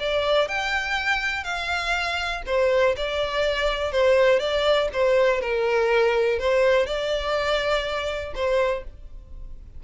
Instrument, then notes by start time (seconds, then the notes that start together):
violin
0.00 D5
0.49 G5
1.44 F5
2.47 C5
2.97 D5
3.92 C5
4.40 D5
4.93 C5
5.41 A#4
6.39 C5
6.86 D5
8.35 C5